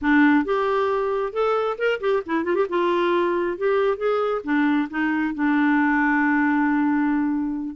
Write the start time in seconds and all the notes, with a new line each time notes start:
0.01 D4
0.44 G4
1.32 A4
1.78 A#4
2.00 G4
2.26 E4
2.44 F4
2.55 G4
2.69 F4
3.57 G4
3.97 G#4
4.43 D4
4.89 D#4
5.34 D4